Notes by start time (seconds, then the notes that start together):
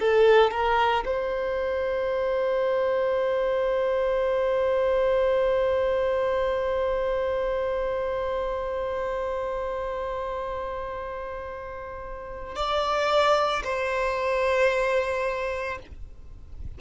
0.00 A4
0.51 A#4
1.06 C5
12.56 D5
13.65 C5